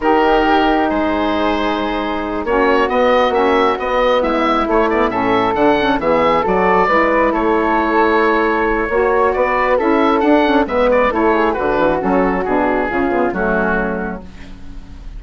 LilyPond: <<
  \new Staff \with { instrumentName = "oboe" } { \time 4/4 \tempo 4 = 135 ais'2 c''2~ | c''4. cis''4 dis''4 e''8~ | e''8 dis''4 e''4 cis''8 d''8 e''8~ | e''8 fis''4 e''4 d''4.~ |
d''8 cis''2.~ cis''8~ | cis''4 d''4 e''4 fis''4 | e''8 d''8 cis''4 b'4 a'4 | gis'2 fis'2 | }
  \new Staff \with { instrumentName = "flute" } { \time 4/4 g'2 gis'2~ | gis'4. fis'2~ fis'8~ | fis'4. e'2 a'8~ | a'4. gis'4 a'4 b'8~ |
b'8 a'2.~ a'8 | cis''4 b'4 a'2 | b'4 a'8 gis'8 fis'2~ | fis'4 f'4 cis'2 | }
  \new Staff \with { instrumentName = "saxophone" } { \time 4/4 dis'1~ | dis'4. cis'4 b4 cis'8~ | cis'8 b2 a8 b8 cis'8~ | cis'8 d'8 cis'8 b4 fis'4 e'8~ |
e'1 | fis'2 e'4 d'8 cis'8 | b4 e'4 d'4 cis'4 | d'4 cis'8 b8 a2 | }
  \new Staff \with { instrumentName = "bassoon" } { \time 4/4 dis2 gis2~ | gis4. ais4 b4 ais8~ | ais8 b4 gis4 a4 a,8~ | a,8 d4 e4 fis4 gis8~ |
gis8 a2.~ a8 | ais4 b4 cis'4 d'4 | gis4 a4 d8 e8 fis4 | b,4 cis4 fis2 | }
>>